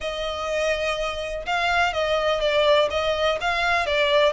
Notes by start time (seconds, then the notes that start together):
0.00 D#5
1.46 F5
1.93 D#5
2.40 D5
2.90 D#5
3.40 F5
3.86 D5